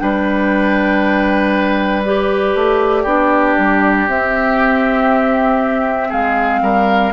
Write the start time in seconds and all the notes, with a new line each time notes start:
0.00 G3 D4 B4 G5
2.06 G4 D5
2.55 A3
3.03 B3 D4 G4
3.58 G3
4.08 C4 E5
6.10 G#3 G#4 F5
6.62 G3 A#4